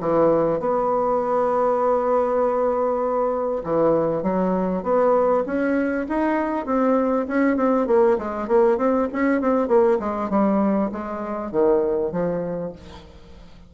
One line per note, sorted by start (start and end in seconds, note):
0.00 0.60 E3
0.60 3.63 B3
3.64 4.23 E3
4.23 4.83 F#3
4.83 5.44 B3
5.46 6.07 C#4
6.09 6.66 D#4
6.66 7.26 C4
7.28 7.56 C#4
7.56 7.87 C4
7.87 8.17 A#3
8.18 8.48 G#3
8.48 8.77 A#3
8.77 9.08 C4
9.12 9.41 C#4
9.41 9.68 C4
9.68 9.98 A#3
9.99 10.30 G#3
10.30 10.90 G3
10.92 11.52 G#3
11.52 12.12 D#3
12.12 12.72 F3